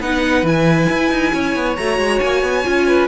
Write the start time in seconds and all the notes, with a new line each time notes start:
0.00 B3 D#4 B4 F#5
0.43 E3 E4 G#5
0.90 E4
1.11 D#4
1.33 C#4 C#5
1.56 B3
1.76 A3 F#4 A#5
1.99 G#3
2.20 A#3 G#5
2.43 B3
2.65 C#4 F4
2.88 B4